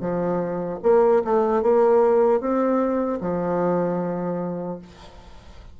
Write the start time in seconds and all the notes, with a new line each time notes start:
0.00 F3
0.83 A#3
1.24 A3
1.62 A#3
2.40 C4
3.20 F3